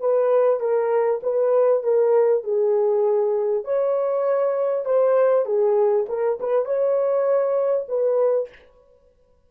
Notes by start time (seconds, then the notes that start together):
0.00 B4
0.60 A#4
1.22 B4
1.83 A#4
2.43 G#4
3.64 C#5
4.85 C5
5.45 G#4
6.09 A#4
6.40 B4
6.65 C#5
7.88 B4